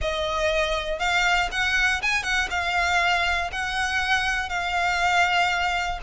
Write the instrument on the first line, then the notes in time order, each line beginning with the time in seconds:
violin
0.01 D#5
0.99 F5
1.51 F#5
2.01 G#5
2.23 F#5
2.50 F5
3.52 F#5
4.49 F5